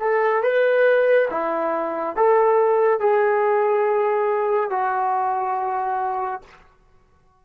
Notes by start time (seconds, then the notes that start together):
0.00 A4
0.42 B4
1.30 E4
2.16 A4
2.99 G#4
4.70 F#4